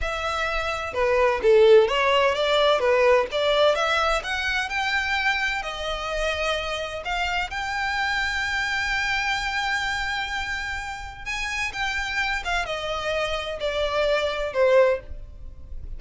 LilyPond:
\new Staff \with { instrumentName = "violin" } { \time 4/4 \tempo 4 = 128 e''2 b'4 a'4 | cis''4 d''4 b'4 d''4 | e''4 fis''4 g''2 | dis''2. f''4 |
g''1~ | g''1 | gis''4 g''4. f''8 dis''4~ | dis''4 d''2 c''4 | }